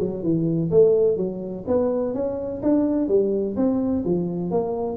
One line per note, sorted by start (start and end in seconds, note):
0.00 0.23 F#3
0.23 0.71 E3
0.71 1.17 A3
1.17 1.65 F#3
1.68 2.15 B3
2.15 2.62 C#4
2.63 3.08 D4
3.08 3.56 G3
3.56 4.04 C4
4.05 4.51 F3
4.51 4.97 A#3